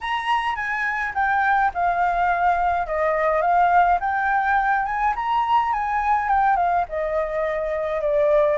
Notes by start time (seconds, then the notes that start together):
0.01 A#5
0.55 G#5
1.14 G5
1.74 F5
2.86 D#5
3.41 F5
3.99 G5
4.85 G#5
5.15 A#5
5.72 G#5
6.29 G5
6.56 F5
6.88 D#5
8.01 D5